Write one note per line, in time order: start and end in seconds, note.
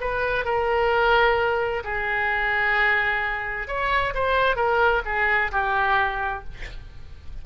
0.00 0.44 B4
0.44 1.83 A#4
1.84 3.67 G#4
3.67 4.13 C#5
4.14 4.56 C5
4.56 5.02 A#4
5.05 5.51 G#4
5.51 6.44 G4